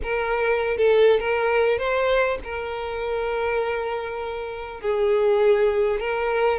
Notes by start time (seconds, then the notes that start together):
0.02 A#4
0.77 A4
1.19 A#4
1.78 C5
2.44 A#4
4.80 G#4
6.00 A#4